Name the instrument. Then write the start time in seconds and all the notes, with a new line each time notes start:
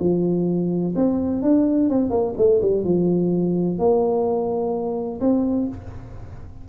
tuba
0.00 F3
0.95 C4
1.42 D4
1.90 C4
2.10 A#3
2.38 A3
2.62 G3
2.84 F3
3.79 A#3
5.21 C4